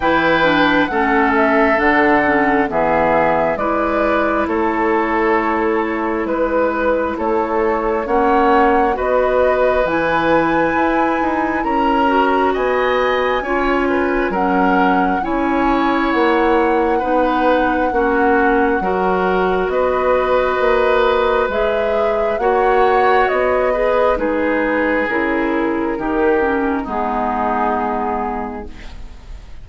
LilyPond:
<<
  \new Staff \with { instrumentName = "flute" } { \time 4/4 \tempo 4 = 67 g''4 fis''8 e''8 fis''4 e''4 | d''4 cis''2 b'4 | cis''4 fis''4 dis''4 gis''4~ | gis''4 ais''4 gis''2 |
fis''4 gis''4 fis''2~ | fis''2 dis''2 | e''4 fis''4 dis''4 b'4 | ais'2 gis'2 | }
  \new Staff \with { instrumentName = "oboe" } { \time 4/4 b'4 a'2 gis'4 | b'4 a'2 b'4 | a'4 cis''4 b'2~ | b'4 ais'4 dis''4 cis''8 b'8 |
ais'4 cis''2 b'4 | fis'4 ais'4 b'2~ | b'4 cis''4. b'8 gis'4~ | gis'4 g'4 dis'2 | }
  \new Staff \with { instrumentName = "clarinet" } { \time 4/4 e'8 d'8 cis'4 d'8 cis'8 b4 | e'1~ | e'4 cis'4 fis'4 e'4~ | e'4. fis'4. f'4 |
cis'4 e'2 dis'4 | cis'4 fis'2. | gis'4 fis'4. gis'8 dis'4 | e'4 dis'8 cis'8 b2 | }
  \new Staff \with { instrumentName = "bassoon" } { \time 4/4 e4 a4 d4 e4 | gis4 a2 gis4 | a4 ais4 b4 e4 | e'8 dis'8 cis'4 b4 cis'4 |
fis4 cis'4 ais4 b4 | ais4 fis4 b4 ais4 | gis4 ais4 b4 gis4 | cis4 dis4 gis2 | }
>>